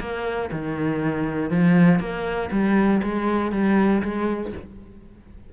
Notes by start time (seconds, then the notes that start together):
0.00 A#3
0.51 D#3
1.50 F3
2.00 A#3
2.51 G3
3.02 G#3
3.52 G3
4.02 G#3